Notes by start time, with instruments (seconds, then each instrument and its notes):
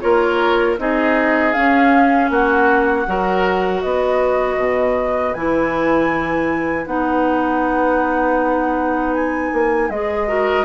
0.00 bassoon A#3, clarinet F4, oboe A#4, flute C#5
0.78 bassoon C4, clarinet D#4, oboe G#4, flute D#5
1.53 clarinet C#4, bassoon C#4, flute F5
2.30 bassoon A#3, oboe F#4, flute F#5
3.07 bassoon F#3, clarinet F#4, oboe A#4
3.82 bassoon B3, oboe B4, flute D#5
4.57 bassoon B2
5.34 bassoon E3, clarinet E4, flute G#5
6.86 bassoon B3, clarinet D#4, flute F#5
9.14 flute G#5
9.53 bassoon A#3
9.89 bassoon G#3, clarinet G#4, flute D#5
10.28 clarinet F#4, oboe A#4